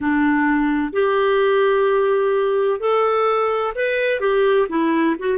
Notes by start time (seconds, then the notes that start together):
0.00 D4
0.92 G4
2.80 A4
3.75 B4
4.20 G4
4.69 E4
5.19 F#4